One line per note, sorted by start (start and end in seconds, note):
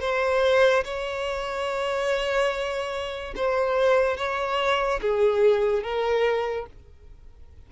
0.00 0.83 C5
0.84 3.34 C#5
3.36 4.17 C5
4.17 5.00 C#5
5.01 5.83 G#4
5.83 6.66 A#4